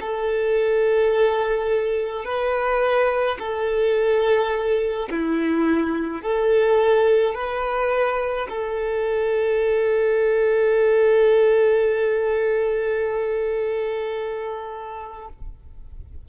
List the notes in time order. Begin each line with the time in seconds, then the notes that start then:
0.00 A4
2.25 B4
3.39 A4
5.10 E4
6.22 A4
7.34 B4
8.49 A4